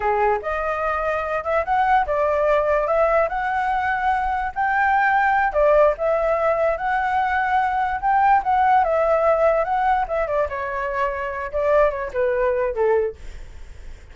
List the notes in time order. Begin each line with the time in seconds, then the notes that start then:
0.00 G#4
0.42 D#5
1.43 E5
1.64 F#5
2.06 D5
2.87 E5
3.29 F#5
4.54 G5
5.52 D5
5.97 E5
6.77 F#5
8.00 G5
8.43 F#5
8.84 E5
9.64 F#5
10.08 E5
10.27 D5
10.49 C#5
11.52 D5
11.90 C#5
12.13 B4
12.74 A4